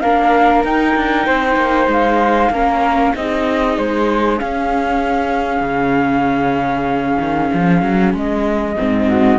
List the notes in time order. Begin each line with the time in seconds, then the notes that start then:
0.00 A#3 D4 A#4 F5
0.63 D#4 G5
0.95 D4
1.26 C4 C5
1.56 A#3
1.87 G#3 F5
2.50 A#3 C#4 A#4
3.12 C4 D#4 G#4 D#5
3.77 G#3 C5
4.38 C#4 F5
5.61 C#3
7.19 D#3
7.53 F3
7.82 F#3
8.13 G#3 D#5
8.77 G#2 C4
9.07 F#4